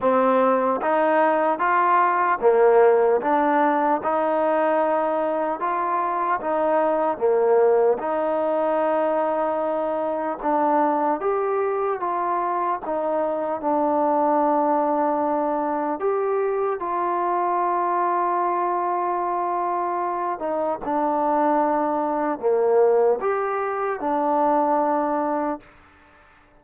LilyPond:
\new Staff \with { instrumentName = "trombone" } { \time 4/4 \tempo 4 = 75 c'4 dis'4 f'4 ais4 | d'4 dis'2 f'4 | dis'4 ais4 dis'2~ | dis'4 d'4 g'4 f'4 |
dis'4 d'2. | g'4 f'2.~ | f'4. dis'8 d'2 | ais4 g'4 d'2 | }